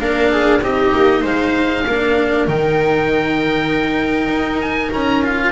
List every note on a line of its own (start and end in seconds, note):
0.00 0.61 A#3
0.00 0.61 D4
0.00 0.32 A#4
0.00 0.62 F5
0.32 0.62 G#4
0.62 0.93 C4
0.62 1.85 D#4
0.62 1.22 G4
0.62 1.25 D#5
0.95 1.24 A#3
1.22 1.85 G#3
1.22 1.83 C5
1.22 2.48 F5
1.87 2.48 A#3
1.87 2.48 D4
1.87 5.52 A#4
2.48 4.29 D#3
2.48 5.23 D#4
2.48 4.61 G5
4.29 4.90 D#4
4.61 4.92 G#5
4.93 5.52 C#4
4.93 5.24 A#5
5.23 5.52 F4
5.23 5.52 F5